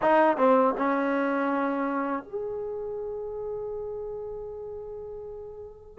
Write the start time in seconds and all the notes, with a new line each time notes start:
0.02 D#4
0.37 C4
0.77 C#4
2.23 G#4